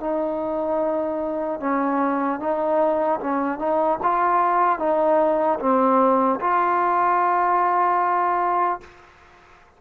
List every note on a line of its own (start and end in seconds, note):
0.00 1.60 D#4
1.60 2.39 C#4
2.39 3.19 D#4
3.20 3.59 C#4
3.59 3.99 D#4
4.03 4.79 F4
4.79 5.59 D#4
5.60 6.40 C4
6.40 8.80 F4